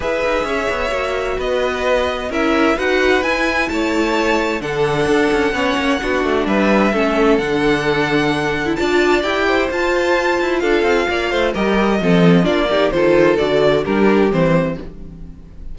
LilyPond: <<
  \new Staff \with { instrumentName = "violin" } { \time 4/4 \tempo 4 = 130 e''2. dis''4~ | dis''4 e''4 fis''4 gis''4 | a''2 fis''2~ | fis''2 e''2 |
fis''2. a''4 | g''4 a''2 f''4~ | f''4 dis''2 d''4 | c''4 d''4 ais'4 c''4 | }
  \new Staff \with { instrumentName = "violin" } { \time 4/4 b'4 cis''2 b'4~ | b'4 ais'4 b'2 | cis''2 a'2 | cis''4 fis'4 b'4 a'4~ |
a'2. d''4~ | d''8 c''2~ c''8 a'4 | d''8 c''8 ais'4 a'4 f'8 g'8 | a'2 g'2 | }
  \new Staff \with { instrumentName = "viola" } { \time 4/4 gis'2 fis'2~ | fis'4 e'4 fis'4 e'4~ | e'2 d'2 | cis'4 d'2 cis'4 |
d'2~ d'8. e'16 f'4 | g'4 f'2.~ | f'4 g'4 c'4 d'8 dis'8 | f'4 fis'4 d'4 c'4 | }
  \new Staff \with { instrumentName = "cello" } { \time 4/4 e'8 dis'8 cis'8 b8 ais4 b4~ | b4 cis'4 dis'4 e'4 | a2 d4 d'8 cis'8 | b8 ais8 b8 a8 g4 a4 |
d2. d'4 | e'4 f'4. e'8 d'8 c'8 | ais8 a8 g4 f4 ais4 | dis4 d4 g4 e4 | }
>>